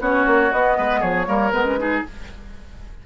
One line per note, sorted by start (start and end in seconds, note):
0.00 0.26 B3
0.00 0.51 C#4
0.00 0.78 F#4
0.00 0.52 C#5
0.26 0.52 A#3
0.52 0.78 B3
0.52 1.26 B3
0.52 1.02 D#5
0.78 1.02 G#3
0.78 1.00 B4
1.00 1.28 F3
1.00 1.26 G#4
1.00 1.52 C#5
1.26 1.52 G3
1.26 1.51 A#3
1.26 1.80 A#4
1.52 2.03 G#3
1.52 1.65 B3
1.52 2.03 B4
1.65 1.78 C#4
1.78 2.04 D#4
1.78 2.06 G#4